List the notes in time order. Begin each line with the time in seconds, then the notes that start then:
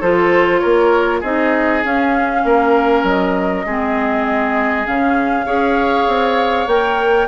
0.00 F3 F4 A4 C5
0.59 A#3 A#4 C#5
1.20 C4 D#4 G#4 D#5
1.84 C#4 F5
2.44 A#3 A#4
3.03 F#3 D#5
3.66 G#3 C4 G#4
4.86 C#3 C#4 F5
5.46 C#4 G#4 C#5
6.08 C4
6.67 A#3 A#4 G5